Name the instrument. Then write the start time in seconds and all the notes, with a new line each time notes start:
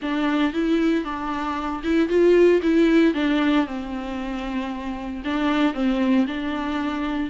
viola
0.02 D4
0.53 E4
1.04 D4
1.83 E4
2.08 F4
2.62 E4
3.14 D4
3.66 C4
5.24 D4
5.74 C4
6.27 D4